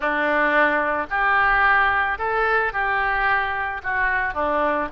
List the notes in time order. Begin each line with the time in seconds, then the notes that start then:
0.00 D4
1.10 G4
2.18 A4
2.72 G4
3.83 F#4
4.34 D4